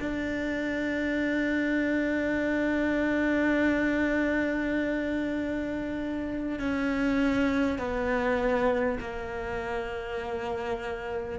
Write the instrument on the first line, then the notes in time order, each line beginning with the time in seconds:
cello
0.00 D4
6.59 C#4
7.78 B3
9.00 A#3